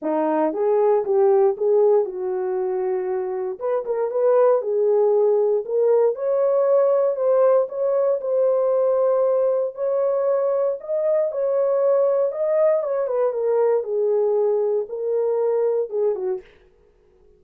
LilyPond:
\new Staff \with { instrumentName = "horn" } { \time 4/4 \tempo 4 = 117 dis'4 gis'4 g'4 gis'4 | fis'2. b'8 ais'8 | b'4 gis'2 ais'4 | cis''2 c''4 cis''4 |
c''2. cis''4~ | cis''4 dis''4 cis''2 | dis''4 cis''8 b'8 ais'4 gis'4~ | gis'4 ais'2 gis'8 fis'8 | }